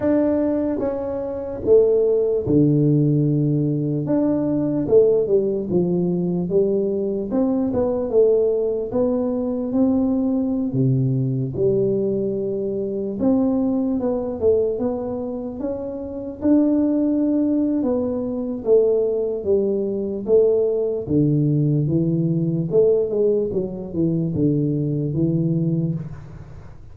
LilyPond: \new Staff \with { instrumentName = "tuba" } { \time 4/4 \tempo 4 = 74 d'4 cis'4 a4 d4~ | d4 d'4 a8 g8 f4 | g4 c'8 b8 a4 b4 | c'4~ c'16 c4 g4.~ g16~ |
g16 c'4 b8 a8 b4 cis'8.~ | cis'16 d'4.~ d'16 b4 a4 | g4 a4 d4 e4 | a8 gis8 fis8 e8 d4 e4 | }